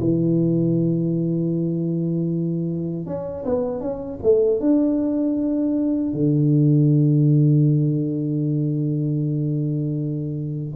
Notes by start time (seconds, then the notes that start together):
0.00 E3
3.06 C#4
3.45 B3
3.81 C#4
4.23 A3
4.60 D4
6.14 D3